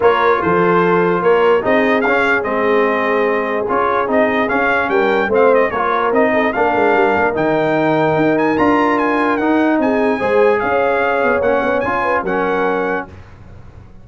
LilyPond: <<
  \new Staff \with { instrumentName = "trumpet" } { \time 4/4 \tempo 4 = 147 cis''4 c''2 cis''4 | dis''4 f''4 dis''2~ | dis''4 cis''4 dis''4 f''4 | g''4 f''8 dis''8 cis''4 dis''4 |
f''2 g''2~ | g''8 gis''8 ais''4 gis''4 fis''4 | gis''2 f''2 | fis''4 gis''4 fis''2 | }
  \new Staff \with { instrumentName = "horn" } { \time 4/4 ais'4 a'2 ais'4 | gis'1~ | gis'1 | ais'4 c''4 ais'4. a'8 |
ais'1~ | ais'1 | gis'4 c''4 cis''2~ | cis''4. b'8 ais'2 | }
  \new Staff \with { instrumentName = "trombone" } { \time 4/4 f'1 | dis'4 cis'4 c'2~ | c'4 f'4 dis'4 cis'4~ | cis'4 c'4 f'4 dis'4 |
d'2 dis'2~ | dis'4 f'2 dis'4~ | dis'4 gis'2. | cis'4 f'4 cis'2 | }
  \new Staff \with { instrumentName = "tuba" } { \time 4/4 ais4 f2 ais4 | c'4 cis'4 gis2~ | gis4 cis'4 c'4 cis'4 | g4 a4 ais4 c'4 |
ais8 gis8 g8 ais8 dis2 | dis'4 d'2 dis'4 | c'4 gis4 cis'4. b8 | ais8 b8 cis'4 fis2 | }
>>